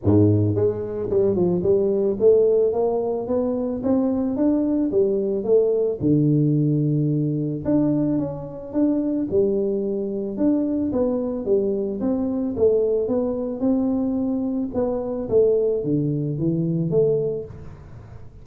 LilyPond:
\new Staff \with { instrumentName = "tuba" } { \time 4/4 \tempo 4 = 110 gis,4 gis4 g8 f8 g4 | a4 ais4 b4 c'4 | d'4 g4 a4 d4~ | d2 d'4 cis'4 |
d'4 g2 d'4 | b4 g4 c'4 a4 | b4 c'2 b4 | a4 d4 e4 a4 | }